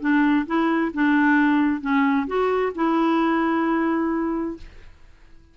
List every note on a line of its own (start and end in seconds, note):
0.00 0.45 D4
0.46 0.92 E4
0.94 1.81 D4
1.81 2.26 C#4
2.27 2.72 F#4
2.75 4.57 E4